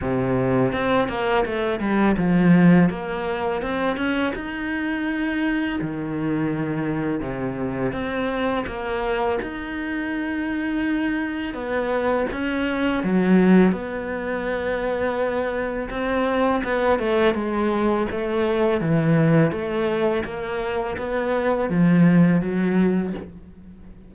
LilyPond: \new Staff \with { instrumentName = "cello" } { \time 4/4 \tempo 4 = 83 c4 c'8 ais8 a8 g8 f4 | ais4 c'8 cis'8 dis'2 | dis2 c4 c'4 | ais4 dis'2. |
b4 cis'4 fis4 b4~ | b2 c'4 b8 a8 | gis4 a4 e4 a4 | ais4 b4 f4 fis4 | }